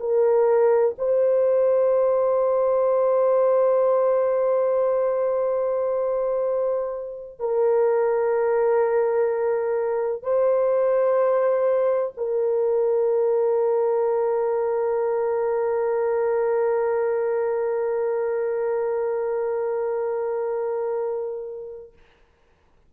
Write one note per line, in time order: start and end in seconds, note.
0.00 0.95 A#4
0.99 7.40 C5
7.40 10.23 A#4
10.23 12.13 C5
12.17 21.94 A#4